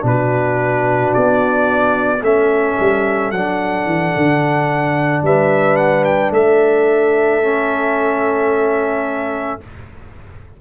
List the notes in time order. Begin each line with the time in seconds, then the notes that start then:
0.00 B2 D4
0.07 F#4 B4
1.14 B3 D5
2.21 A3 C#4 A4 E5
2.80 G3
3.31 F#3 D4 F#5
3.85 E3
4.16 D3
5.22 G3 B4 E5
5.77 F#5
6.04 G5
6.31 A3 A4 E5
7.42 C#4